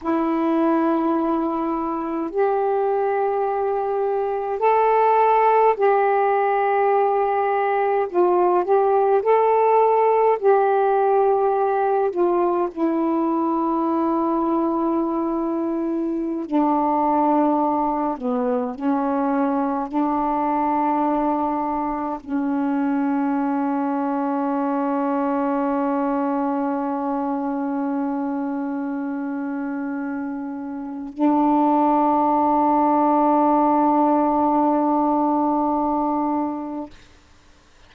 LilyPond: \new Staff \with { instrumentName = "saxophone" } { \time 4/4 \tempo 4 = 52 e'2 g'2 | a'4 g'2 f'8 g'8 | a'4 g'4. f'8 e'4~ | e'2~ e'16 d'4. b16~ |
b16 cis'4 d'2 cis'8.~ | cis'1~ | cis'2. d'4~ | d'1 | }